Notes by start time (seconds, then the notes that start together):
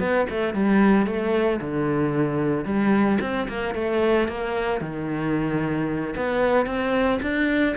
0.00 B3
0.30 A3
0.54 G3
1.06 A3
1.61 D3
2.65 G3
3.21 C4
3.49 A#3
3.75 A3
4.28 A#3
4.81 D#3
6.16 B3
6.66 C4
7.22 D4